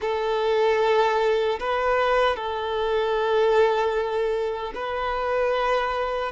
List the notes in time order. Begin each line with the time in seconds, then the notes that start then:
0.01 A4
1.59 B4
2.36 A4
4.74 B4